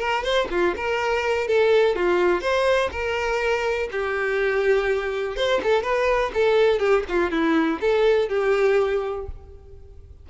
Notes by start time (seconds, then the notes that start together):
0.00 A#4
0.24 C5
0.51 F4
0.76 A#4
1.48 A4
1.96 F4
2.42 C5
2.92 A#4
3.92 G4
5.37 C5
5.64 A4
5.83 B4
6.34 A4
6.80 G4
7.09 F4
7.31 E4
7.81 A4
8.29 G4